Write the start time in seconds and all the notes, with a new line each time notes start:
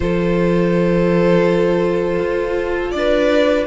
0.00 F3 F4 A4 C5
2.19 F4
2.91 D4 D5
2.98 B4